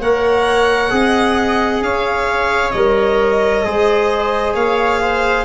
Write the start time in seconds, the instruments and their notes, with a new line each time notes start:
0.00 tuba A#3, trombone A#4, viola C#5, violin F#5
0.90 tuba C4, trombone G#4, viola D#5
1.82 tuba C#4, viola C#5, violin F5
2.71 tuba G3, trombone A#4, violin D#5
3.65 tuba G#3, trombone G#4, viola C5
4.55 tuba A#3, viola C#5, violin F5
5.01 viola C5